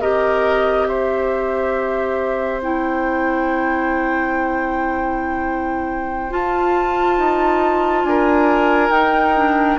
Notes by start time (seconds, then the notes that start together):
0.00 C4 G4 A#4 D#5
0.87 C5 E5
2.62 E4 G5
6.30 F4 A5
7.18 D#4
8.04 D4 A#4 G#5
8.89 D#4 G5
9.36 D4